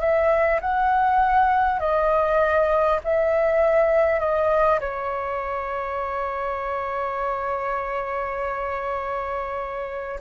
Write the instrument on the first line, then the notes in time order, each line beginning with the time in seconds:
flute
0.00 E5
0.60 F#5
1.79 D#5
3.03 E5
4.19 D#5
4.79 C#5